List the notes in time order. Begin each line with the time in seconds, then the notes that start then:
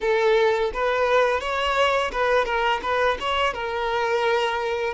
0.01 A4
0.73 B4
1.40 C#5
2.12 B4
2.45 A#4
2.82 B4
3.20 C#5
3.53 A#4